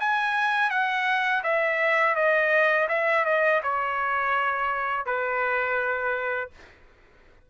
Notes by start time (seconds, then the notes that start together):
0.00 G#5
0.70 F#5
1.44 E5
2.16 D#5
2.89 E5
3.25 D#5
3.63 C#5
5.06 B4